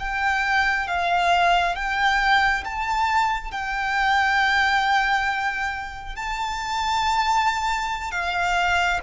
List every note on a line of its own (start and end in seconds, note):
0.00 0.88 G5
0.88 1.76 F5
1.76 2.64 G5
2.65 3.52 A5
3.52 6.16 G5
6.16 8.12 A5
8.12 9.00 F5